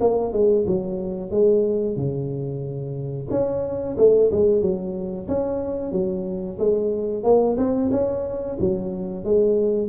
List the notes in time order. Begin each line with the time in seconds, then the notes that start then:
0.00 A#3
0.32 G#3
0.66 F#3
1.30 G#3
1.96 C#3
3.30 C#4
3.97 A3
4.31 G#3
4.61 F#3
5.28 C#4
5.92 F#3
6.58 G#3
7.23 A#3
7.57 C4
7.91 C#4
8.59 F#3
9.24 G#3